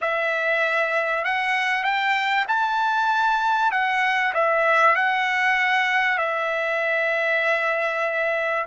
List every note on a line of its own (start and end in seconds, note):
0.01 1.24 E5
1.24 1.83 F#5
1.83 2.45 G5
2.47 3.71 A5
3.71 4.33 F#5
4.34 4.95 E5
4.95 6.18 F#5
6.18 8.65 E5